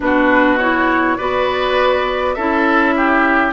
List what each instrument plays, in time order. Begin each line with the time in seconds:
0.00 bassoon B2, clarinet D4, oboe F#4, flute B4
0.58 clarinet E4, flute C#5
1.16 bassoon B3, clarinet F#4, oboe B4, flute D5
2.34 bassoon C#4, clarinet E4, oboe A4, flute E5
2.96 oboe G4